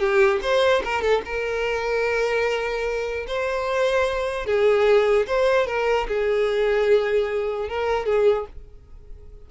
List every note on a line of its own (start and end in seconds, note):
0.00 0.40 G4
0.43 0.83 C5
0.85 1.02 A#4
1.02 1.22 A4
1.26 3.27 A#4
3.28 4.47 C5
4.47 5.27 G#4
5.27 5.67 C5
5.67 6.08 A#4
6.09 7.69 G#4
7.69 8.06 A#4
8.06 8.46 G#4